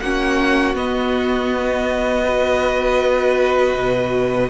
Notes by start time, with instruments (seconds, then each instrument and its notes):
0.00 cello A#3, viola C#4, violin F#4 F#5
0.75 cello B3, viola B3, violin D#5
2.25 viola F#4, violin B4
3.75 cello B2